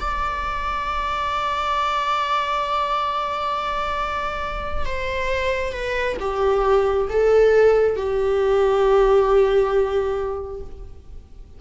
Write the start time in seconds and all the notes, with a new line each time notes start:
0.00 D5
4.85 C5
5.73 B4
6.20 G4
7.09 A4
7.96 G4